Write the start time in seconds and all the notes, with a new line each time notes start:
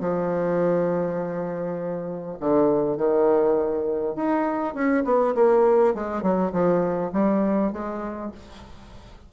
0.00 F3
2.40 D3
2.98 D#3
4.16 D#4
4.75 C#4
5.05 B3
5.35 A#3
5.95 G#3
6.23 F#3
6.53 F3
7.13 G3
7.73 G#3